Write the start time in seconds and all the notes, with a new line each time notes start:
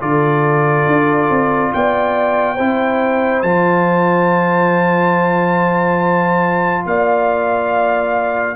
0.00 D3 F4 A4 D5
0.86 D4
1.30 C4
1.73 B3 D5 G5
2.55 C4 E4 C5
3.42 F3 F4 A5
6.85 A#3 D5 F5